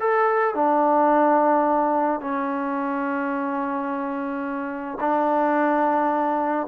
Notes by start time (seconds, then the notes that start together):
0.00 A4
0.55 D4
2.21 C#4
5.01 D4